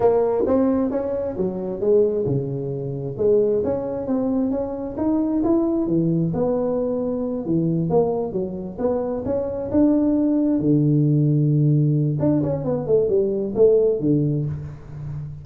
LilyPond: \new Staff \with { instrumentName = "tuba" } { \time 4/4 \tempo 4 = 133 ais4 c'4 cis'4 fis4 | gis4 cis2 gis4 | cis'4 c'4 cis'4 dis'4 | e'4 e4 b2~ |
b8 e4 ais4 fis4 b8~ | b8 cis'4 d'2 d8~ | d2. d'8 cis'8 | b8 a8 g4 a4 d4 | }